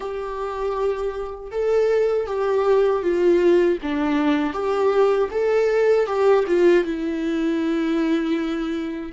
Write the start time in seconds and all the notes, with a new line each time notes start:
0.00 G4
1.51 A4
2.26 G4
3.02 F4
3.82 D4
4.53 G4
5.31 A4
6.06 G4
6.47 F4
6.84 E4